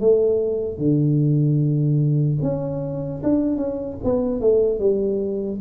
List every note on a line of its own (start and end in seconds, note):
0.00 0.78 A3
0.78 2.38 D3
2.42 3.22 C#4
3.23 3.57 D4
3.57 3.97 C#4
4.04 4.41 B3
4.41 4.79 A3
4.79 5.59 G3